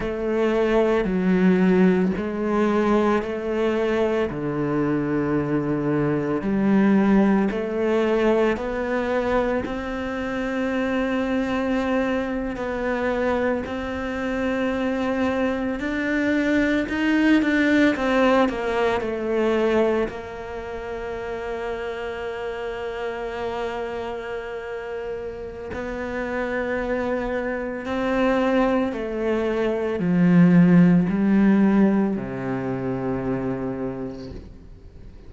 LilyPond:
\new Staff \with { instrumentName = "cello" } { \time 4/4 \tempo 4 = 56 a4 fis4 gis4 a4 | d2 g4 a4 | b4 c'2~ c'8. b16~ | b8. c'2 d'4 dis'16~ |
dis'16 d'8 c'8 ais8 a4 ais4~ ais16~ | ais1 | b2 c'4 a4 | f4 g4 c2 | }